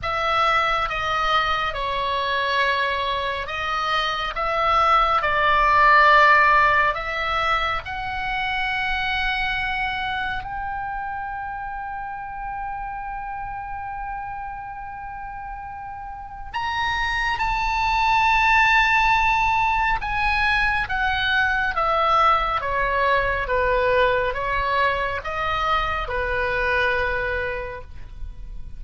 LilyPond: \new Staff \with { instrumentName = "oboe" } { \time 4/4 \tempo 4 = 69 e''4 dis''4 cis''2 | dis''4 e''4 d''2 | e''4 fis''2. | g''1~ |
g''2. ais''4 | a''2. gis''4 | fis''4 e''4 cis''4 b'4 | cis''4 dis''4 b'2 | }